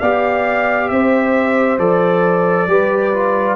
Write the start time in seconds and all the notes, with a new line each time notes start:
0.00 B3 G4 D5 F5
0.89 C4 C5 E5
1.78 F3 A4 D5
2.67 G3 G4 B4
3.13 F4